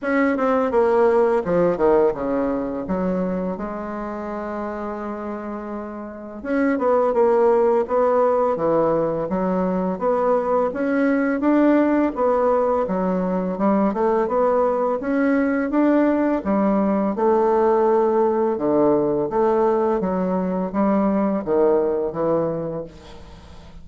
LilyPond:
\new Staff \with { instrumentName = "bassoon" } { \time 4/4 \tempo 4 = 84 cis'8 c'8 ais4 f8 dis8 cis4 | fis4 gis2.~ | gis4 cis'8 b8 ais4 b4 | e4 fis4 b4 cis'4 |
d'4 b4 fis4 g8 a8 | b4 cis'4 d'4 g4 | a2 d4 a4 | fis4 g4 dis4 e4 | }